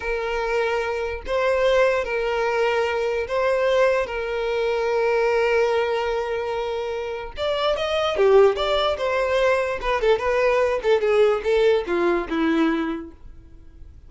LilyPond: \new Staff \with { instrumentName = "violin" } { \time 4/4 \tempo 4 = 147 ais'2. c''4~ | c''4 ais'2. | c''2 ais'2~ | ais'1~ |
ais'2 d''4 dis''4 | g'4 d''4 c''2 | b'8 a'8 b'4. a'8 gis'4 | a'4 f'4 e'2 | }